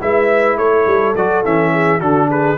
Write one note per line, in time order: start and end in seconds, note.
0.00 0.57 G#3
0.00 1.14 E4
0.00 0.58 B4
0.00 0.57 E5
0.57 0.85 A3
0.57 1.72 A4
0.57 1.14 C#5
0.86 1.15 G3
1.15 1.44 F#3
1.15 1.44 F#4
1.15 1.44 D5
1.44 2.00 E3
1.44 1.99 C#4
1.44 2.00 E5
1.72 1.99 G#4
1.99 2.57 D3
1.99 2.56 D4
1.99 2.27 F#4
1.99 2.29 A4
2.29 2.57 G#4
2.29 2.57 B4